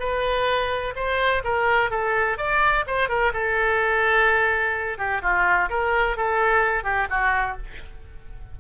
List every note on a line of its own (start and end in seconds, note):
0.00 0.94 B4
0.96 1.43 C5
1.45 1.91 A#4
1.91 2.38 A4
2.38 2.85 D5
2.88 3.09 C5
3.09 3.33 A#4
3.33 4.98 A4
4.98 5.22 G4
5.22 5.70 F4
5.70 6.17 A#4
6.17 6.84 A4
6.84 7.08 G4
7.10 7.58 F#4